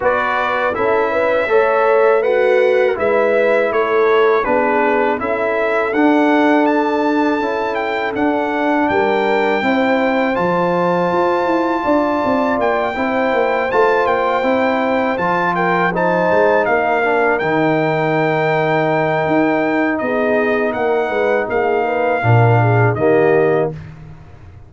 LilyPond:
<<
  \new Staff \with { instrumentName = "trumpet" } { \time 4/4 \tempo 4 = 81 d''4 e''2 fis''4 | e''4 cis''4 b'4 e''4 | fis''4 a''4. g''8 fis''4 | g''2 a''2~ |
a''4 g''4. a''8 g''4~ | g''8 a''8 g''8 a''4 f''4 g''8~ | g''2. dis''4 | fis''4 f''2 dis''4 | }
  \new Staff \with { instrumentName = "horn" } { \time 4/4 b'4 a'8 b'8 cis''4 fis'4 | b'4 a'4 gis'4 a'4~ | a'1 | ais'4 c''2. |
d''4. c''2~ c''8~ | c''4 ais'8 c''4 ais'4.~ | ais'2. gis'4 | ais'8 b'8 gis'8 b'8 ais'8 gis'8 g'4 | }
  \new Staff \with { instrumentName = "trombone" } { \time 4/4 fis'4 e'4 a'4 b'4 | e'2 d'4 e'4 | d'2 e'4 d'4~ | d'4 e'4 f'2~ |
f'4. e'4 f'4 e'8~ | e'8 f'4 dis'4. d'8 dis'8~ | dis'1~ | dis'2 d'4 ais4 | }
  \new Staff \with { instrumentName = "tuba" } { \time 4/4 b4 cis'4 a2 | gis4 a4 b4 cis'4 | d'2 cis'4 d'4 | g4 c'4 f4 f'8 e'8 |
d'8 c'8 ais8 c'8 ais8 a8 ais8 c'8~ | c'8 f4. gis8 ais4 dis8~ | dis2 dis'4 b4 | ais8 gis8 ais4 ais,4 dis4 | }
>>